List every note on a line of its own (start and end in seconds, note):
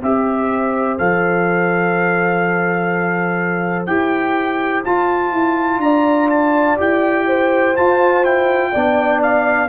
0.00 0.99 C4
0.00 0.99 G4
0.00 5.81 C5
0.00 0.98 E5
0.98 3.87 F3
0.98 3.87 A4
0.98 3.86 F5
3.86 4.84 E4
3.86 4.84 G4
3.86 4.83 G5
4.85 5.32 F4
4.85 6.77 F4
4.85 5.81 A5
5.32 5.78 E4
5.78 6.75 D4
5.78 7.27 D5
5.78 6.29 A#5
6.30 6.78 A5
6.77 7.77 E4
6.77 7.74 G4
6.77 7.77 G5
7.27 8.72 C5
7.77 8.74 F4
7.77 8.24 F4
7.77 8.25 A5
8.24 8.73 E4
8.24 9.22 G5
8.72 9.69 B3
8.72 9.69 D4
8.72 9.69 D5
9.22 9.69 F5